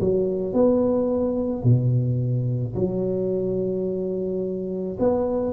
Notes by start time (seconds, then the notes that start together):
0.00 F#3
0.53 B3
1.64 B2
2.75 F#3
4.99 B3